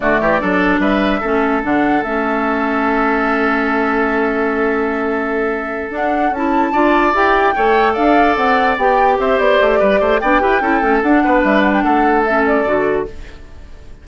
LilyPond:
<<
  \new Staff \with { instrumentName = "flute" } { \time 4/4 \tempo 4 = 147 d''2 e''2 | fis''4 e''2.~ | e''1~ | e''2~ e''8 fis''4 a''8~ |
a''4. g''2 f''8~ | f''8 fis''4 g''4 e''8 d''4~ | d''4 g''2 fis''4 | e''8 fis''16 g''16 fis''4 e''8 d''4. | }
  \new Staff \with { instrumentName = "oboe" } { \time 4/4 fis'8 g'8 a'4 b'4 a'4~ | a'1~ | a'1~ | a'1~ |
a'8 d''2 cis''4 d''8~ | d''2~ d''8 c''4. | b'8 c''8 d''8 b'8 a'4. b'8~ | b'4 a'2. | }
  \new Staff \with { instrumentName = "clarinet" } { \time 4/4 a4 d'2 cis'4 | d'4 cis'2.~ | cis'1~ | cis'2~ cis'8 d'4 e'8~ |
e'8 f'4 g'4 a'4.~ | a'4. g'2~ g'8~ | g'4 d'8 g'8 e'8 cis'8 d'4~ | d'2 cis'4 fis'4 | }
  \new Staff \with { instrumentName = "bassoon" } { \time 4/4 d8 e8 fis4 g4 a4 | d4 a2.~ | a1~ | a2~ a8 d'4 cis'8~ |
cis'8 d'4 e'4 a4 d'8~ | d'8 c'4 b4 c'8 b8 a8 | g8 a8 b8 e'8 cis'8 a8 d'8 b8 | g4 a2 d4 | }
>>